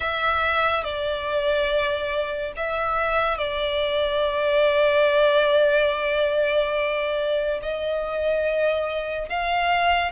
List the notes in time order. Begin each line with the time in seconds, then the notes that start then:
0.00 E5
0.83 D5
2.56 E5
3.38 D5
7.62 D#5
9.29 F5